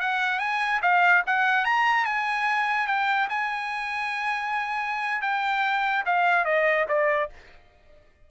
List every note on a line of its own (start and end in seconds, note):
0.00 0.39 F#5
0.39 0.81 G#5
0.82 1.23 F5
1.26 1.65 F#5
1.65 2.05 A#5
2.05 2.87 G#5
2.87 3.28 G5
3.29 5.22 G#5
5.22 6.04 G5
6.05 6.45 F5
6.45 6.86 D#5
6.88 7.29 D5